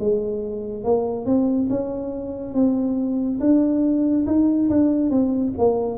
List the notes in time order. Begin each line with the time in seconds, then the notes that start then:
0.00 G#3
0.84 A#3
1.26 C4
1.69 C#4
2.54 C4
3.40 D4
4.27 D#4
4.69 D4
5.11 C4
5.58 A#3